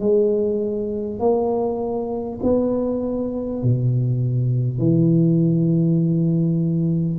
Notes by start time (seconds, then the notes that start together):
0.00 G#3
1.19 A#3
2.43 B3
3.63 B2
4.79 E3